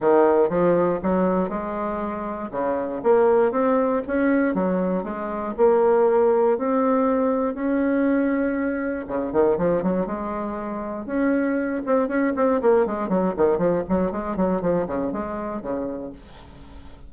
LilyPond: \new Staff \with { instrumentName = "bassoon" } { \time 4/4 \tempo 4 = 119 dis4 f4 fis4 gis4~ | gis4 cis4 ais4 c'4 | cis'4 fis4 gis4 ais4~ | ais4 c'2 cis'4~ |
cis'2 cis8 dis8 f8 fis8 | gis2 cis'4. c'8 | cis'8 c'8 ais8 gis8 fis8 dis8 f8 fis8 | gis8 fis8 f8 cis8 gis4 cis4 | }